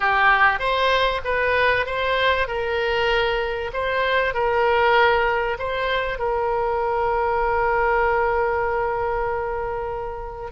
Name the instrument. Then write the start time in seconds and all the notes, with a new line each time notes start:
oboe
0.00 G4
0.59 C5
1.24 B4
1.86 C5
2.47 A#4
3.73 C5
4.34 A#4
5.58 C5
6.19 A#4